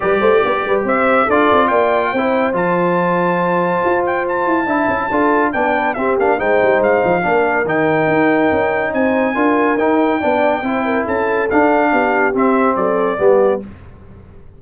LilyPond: <<
  \new Staff \with { instrumentName = "trumpet" } { \time 4/4 \tempo 4 = 141 d''2 e''4 d''4 | g''2 a''2~ | a''4. g''8 a''2~ | a''4 g''4 e''8 f''8 g''4 |
f''2 g''2~ | g''4 gis''2 g''4~ | g''2 a''4 f''4~ | f''4 e''4 d''2 | }
  \new Staff \with { instrumentName = "horn" } { \time 4/4 b'8 c''8 d''8 b'8 c''4 a'4 | d''4 c''2.~ | c''2. e''4 | a'4 d''8 b'8 g'4 c''4~ |
c''4 ais'2.~ | ais'4 c''4 ais'2 | d''4 c''8 ais'8 a'2 | g'2 a'4 g'4 | }
  \new Staff \with { instrumentName = "trombone" } { \time 4/4 g'2. f'4~ | f'4 e'4 f'2~ | f'2. e'4 | f'4 d'4 c'8 d'8 dis'4~ |
dis'4 d'4 dis'2~ | dis'2 f'4 dis'4 | d'4 e'2 d'4~ | d'4 c'2 b4 | }
  \new Staff \with { instrumentName = "tuba" } { \time 4/4 g8 a8 b8 g8 c'4 d'8 c'8 | ais4 c'4 f2~ | f4 f'4. e'8 d'8 cis'8 | d'4 b4 c'8 ais8 gis8 g8 |
gis8 f8 ais4 dis4 dis'4 | cis'4 c'4 d'4 dis'4 | b4 c'4 cis'4 d'4 | b4 c'4 fis4 g4 | }
>>